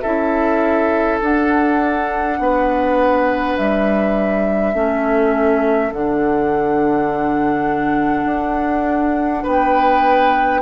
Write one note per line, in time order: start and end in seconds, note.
0.00 1.21 C#4
0.00 1.22 E4
0.00 2.37 A4
0.00 1.18 E5
1.21 2.38 D4
1.21 4.74 D4
1.21 3.57 F#5
2.38 3.56 B3
2.38 4.74 B4
3.57 4.74 G3
3.57 5.92 E5
4.74 5.91 A3
4.74 5.91 C#4
4.74 9.43 A4
5.92 8.25 D3
5.92 10.62 D4
5.92 9.45 F#5
8.25 9.42 D4
9.43 10.62 B3
9.43 10.60 B4
9.43 10.62 G5